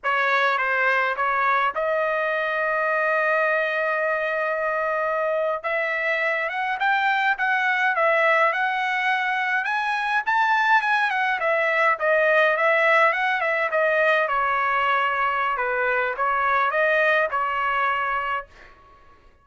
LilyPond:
\new Staff \with { instrumentName = "trumpet" } { \time 4/4 \tempo 4 = 104 cis''4 c''4 cis''4 dis''4~ | dis''1~ | dis''4.~ dis''16 e''4. fis''8 g''16~ | g''8. fis''4 e''4 fis''4~ fis''16~ |
fis''8. gis''4 a''4 gis''8 fis''8 e''16~ | e''8. dis''4 e''4 fis''8 e''8 dis''16~ | dis''8. cis''2~ cis''16 b'4 | cis''4 dis''4 cis''2 | }